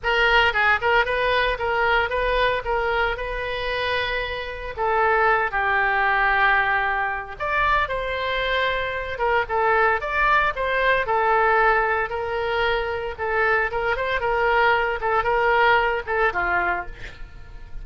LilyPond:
\new Staff \with { instrumentName = "oboe" } { \time 4/4 \tempo 4 = 114 ais'4 gis'8 ais'8 b'4 ais'4 | b'4 ais'4 b'2~ | b'4 a'4. g'4.~ | g'2 d''4 c''4~ |
c''4. ais'8 a'4 d''4 | c''4 a'2 ais'4~ | ais'4 a'4 ais'8 c''8 ais'4~ | ais'8 a'8 ais'4. a'8 f'4 | }